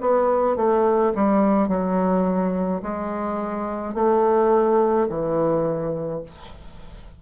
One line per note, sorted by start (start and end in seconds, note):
0.00 0.56 B3
0.56 1.12 A3
1.15 1.68 G3
1.68 2.81 F#3
2.82 3.94 G#3
3.94 5.07 A3
5.08 6.22 E3